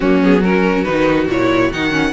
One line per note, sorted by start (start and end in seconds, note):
0.00 0.86 F#3
0.00 0.23 A#3
0.00 0.40 C#4
0.00 0.21 F#4
0.23 0.43 B3
0.23 0.43 G#4
0.40 0.85 C#4
0.40 2.12 F#4
0.40 0.83 A#4
0.83 1.27 D#3
0.83 1.28 D#4
0.83 1.26 B4
1.27 1.70 A#2
1.27 1.72 E4
1.27 1.72 C#5
1.71 2.12 D#3
1.71 1.90 D#4
1.71 2.12 F#5
1.90 2.12 C#4